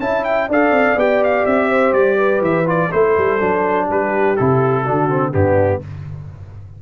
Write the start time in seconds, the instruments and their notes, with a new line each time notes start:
0.00 tuba C#4, trombone E4, horn E5, trumpet A5
0.25 trumpet G5
0.48 tuba D4, trombone A4, horn D5, trumpet F5
0.71 tuba C4
0.96 tuba B3, trombone G4, trumpet G5
1.24 trumpet F5
1.46 tuba C4, trumpet E5
1.70 horn C5
1.93 tuba G3, trumpet D5
2.17 horn B4
2.42 tuba E3, trumpet E5
2.66 trombone F4, trumpet D5
2.91 tuba A3, trombone E4, horn A4, trumpet C5
3.18 tuba G3
3.40 tuba F#3, trombone D4
3.86 tuba G3, horn G4, trumpet B4
4.37 tuba C3, trombone E4, trumpet A4
4.82 tuba D3, trombone D4, horn F#4
5.10 trombone C4
5.33 tuba G2, trombone B3, horn D4, trumpet G4